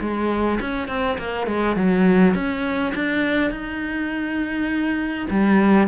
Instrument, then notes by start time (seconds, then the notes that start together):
cello
0.00 G#3
0.60 C#4
0.88 C4
1.18 A#3
1.46 G#3
1.76 F#3
2.34 C#4
2.95 D4
3.51 D#4
5.30 G3